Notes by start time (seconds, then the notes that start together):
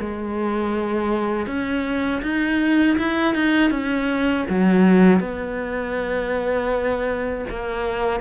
0.00 G#3
1.47 C#4
2.23 D#4
2.98 E4
3.35 D#4
3.71 C#4
4.50 F#3
5.20 B3
7.50 A#3